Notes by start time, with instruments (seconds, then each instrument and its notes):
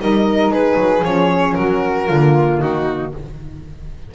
0.00 double bass G3, saxophone D#4, flute A#4, violin D#5
0.49 double bass G#3, flute G#4, violin B4
0.77 double bass F#3
1.04 double bass F3, saxophone C#4, violin C#5
1.55 double bass F#3, flute F#4, violin A#4
2.08 double bass D3, saxophone A#3, flute F4
2.61 double bass D#3, flute D#4, violin F#4